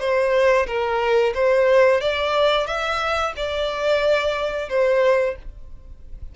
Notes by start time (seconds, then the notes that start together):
0.00 C5
0.67 A#4
1.35 C5
2.01 D5
2.67 E5
3.37 D5
4.69 C5